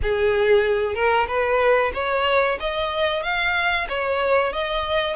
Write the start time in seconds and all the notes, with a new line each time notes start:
0.02 G#4
0.94 A#4
1.27 B4
1.94 C#5
2.60 D#5
3.23 F5
3.89 C#5
4.52 D#5